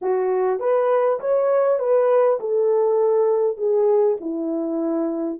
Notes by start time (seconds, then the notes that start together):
0.01 F#4
0.59 B4
1.19 C#5
1.79 B4
2.40 A4
3.57 G#4
4.20 E4